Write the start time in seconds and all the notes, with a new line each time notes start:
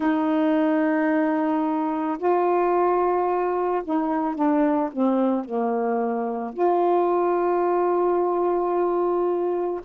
0.00 D#4
2.18 F4
3.84 D#4
4.35 D4
4.91 C4
5.44 A#3
6.53 F4